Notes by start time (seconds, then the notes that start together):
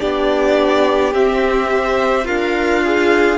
0.00 B3 D4 G4 D5
1.13 C4 E5
1.71 C5
2.25 D4 F4 A#4 F5
2.84 G#4